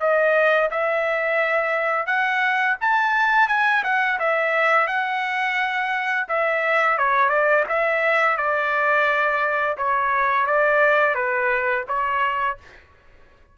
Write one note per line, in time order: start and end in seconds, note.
0.00 0.70 D#5
0.71 2.06 E5
2.06 2.76 F#5
2.81 3.48 A5
3.48 3.83 G#5
3.84 4.19 F#5
4.19 4.87 E5
4.87 6.27 F#5
6.28 6.98 E5
6.98 7.29 C#5
7.29 7.64 D5
7.68 8.37 E5
8.37 9.77 D5
9.77 10.46 C#5
10.46 11.15 D5
11.15 11.84 B4
11.88 12.57 C#5